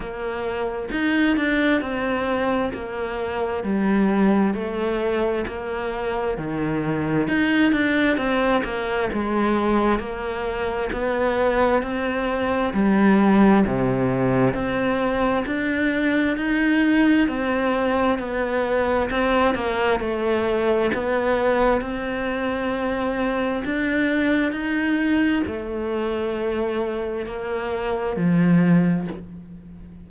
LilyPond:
\new Staff \with { instrumentName = "cello" } { \time 4/4 \tempo 4 = 66 ais4 dis'8 d'8 c'4 ais4 | g4 a4 ais4 dis4 | dis'8 d'8 c'8 ais8 gis4 ais4 | b4 c'4 g4 c4 |
c'4 d'4 dis'4 c'4 | b4 c'8 ais8 a4 b4 | c'2 d'4 dis'4 | a2 ais4 f4 | }